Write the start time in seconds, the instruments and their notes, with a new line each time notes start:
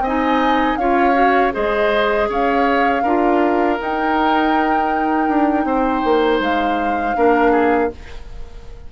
0.00 bassoon C4, oboe D#5, flute G#5
0.07 clarinet D#4
0.77 bassoon C#4, clarinet F4, oboe C#5, flute F5
1.13 clarinet F#4
1.52 bassoon G#3, clarinet G#4, oboe C5, flute D#5
2.28 bassoon C#4, oboe C#5, flute F5
3.03 bassoon D4, clarinet F4, oboe A#4
3.78 clarinet D#4, bassoon D#4, flute G5
5.28 bassoon D4
5.65 bassoon C4, oboe C5
6.04 bassoon A#3
6.40 bassoon G#3, flute F5
7.15 bassoon A#3, clarinet D4, oboe A#4
7.51 oboe G#4